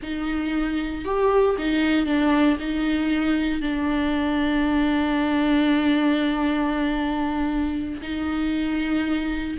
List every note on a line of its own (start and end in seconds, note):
0.02 1.04 D#4
1.04 1.56 G4
1.58 2.05 D#4
2.05 2.57 D4
2.59 3.61 D#4
3.61 8.00 D4
8.02 9.57 D#4